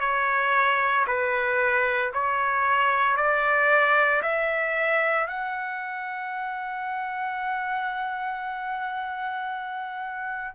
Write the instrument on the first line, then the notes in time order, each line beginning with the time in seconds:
trumpet
0.00 C#5
1.07 B4
2.13 C#5
3.16 D5
4.22 E5
5.27 F#5